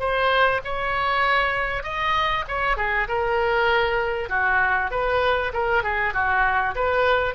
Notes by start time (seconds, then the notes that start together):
0.00 C5
0.65 C#5
1.84 D#5
2.49 C#5
2.77 G#4
3.08 A#4
4.30 F#4
4.91 B4
5.54 A#4
5.84 G#4
6.14 F#4
6.76 B4